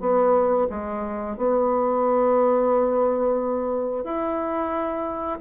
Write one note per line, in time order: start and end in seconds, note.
0.00 0.67 B3
0.69 1.37 G#3
1.37 4.04 B3
4.04 5.39 E4